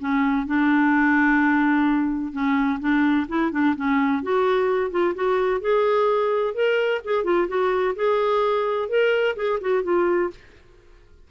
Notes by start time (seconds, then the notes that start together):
0.00 C#4
0.46 D4
2.32 C#4
2.80 D4
3.28 E4
3.52 D4
3.76 C#4
4.23 F#4
4.90 F4
5.15 F#4
5.61 G#4
6.54 A#4
7.04 G#4
7.24 F4
7.48 F#4
7.95 G#4
8.88 A#4
9.36 G#4
9.61 F#4
9.83 F4